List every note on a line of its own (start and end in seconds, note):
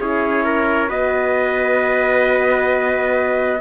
0.00 0.90 C#4
0.00 0.88 E4
0.00 0.45 G#4
0.00 0.90 C#5
0.45 0.89 A#4
0.88 3.61 B3
0.88 3.60 F#4
0.88 3.61 B4
0.88 3.61 D#5